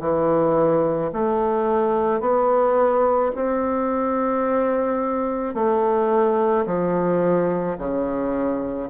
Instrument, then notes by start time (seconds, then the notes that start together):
bassoon
0.00 E3
1.13 A3
2.21 B3
3.35 C4
5.55 A3
6.66 F3
7.78 C#3